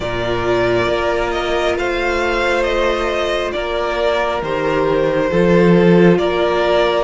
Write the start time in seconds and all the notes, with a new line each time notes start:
0.00 A#2 F4 A#4 D5
0.88 A#3
1.31 D#5
1.75 A3 C5 F5
2.63 D#5
3.52 A#3 A#4 D5
4.42 D#3 G4 C5
5.30 F3 F4 A4
6.17 A#3 A#4 D5